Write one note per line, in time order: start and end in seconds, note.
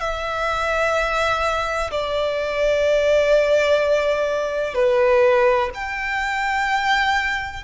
0.00 1.90 E5
1.91 4.74 D5
4.74 5.70 B4
5.74 7.64 G5